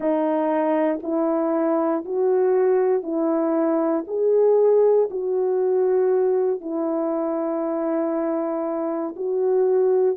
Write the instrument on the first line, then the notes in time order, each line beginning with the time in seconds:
horn
0.00 D#4
1.02 E4
2.04 F#4
3.02 E4
4.07 G#4
5.10 F#4
6.61 E4
9.15 F#4